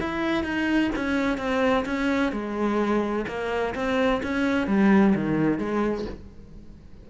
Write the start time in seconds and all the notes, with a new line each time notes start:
0.00 E4
0.44 D#4
0.96 C#4
1.38 C4
1.86 C#4
2.32 G#3
3.27 A#3
3.75 C4
4.23 C#4
4.67 G3
5.15 D#3
5.58 G#3